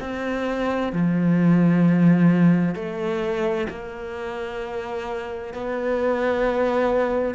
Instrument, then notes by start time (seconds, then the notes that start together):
cello
0.00 C4
0.92 F3
2.75 A3
3.69 A#3
5.53 B3